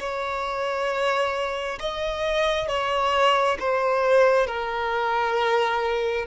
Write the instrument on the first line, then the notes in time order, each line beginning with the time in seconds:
violin
0.00 C#5
1.80 D#5
2.69 C#5
3.60 C5
4.47 A#4